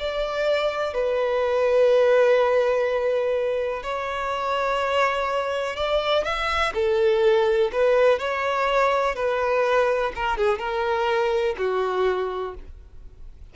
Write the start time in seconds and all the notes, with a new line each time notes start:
0.00 D5
0.94 B4
3.84 C#5
5.77 D5
6.25 E5
6.75 A4
7.72 B4
8.19 C#5
9.16 B4
10.16 A#4
10.37 G#4
10.59 A#4
11.58 F#4